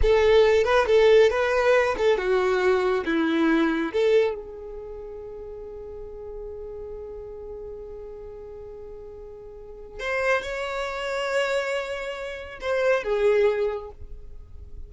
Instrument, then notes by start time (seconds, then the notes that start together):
violin
0.02 A4
0.64 B4
0.87 A4
1.30 B4
1.97 A4
2.17 F#4
3.05 E4
3.92 A4
4.35 G#4
9.99 C5
10.42 C#5
12.61 C5
13.03 G#4